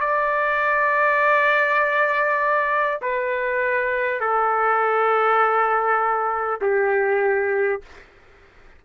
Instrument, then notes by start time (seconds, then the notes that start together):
trumpet
0.00 D5
3.01 B4
4.20 A4
6.61 G4